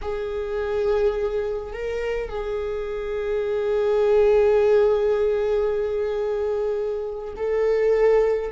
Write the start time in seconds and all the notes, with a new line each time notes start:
0.01 G#4
1.73 A#4
2.29 G#4
7.36 A4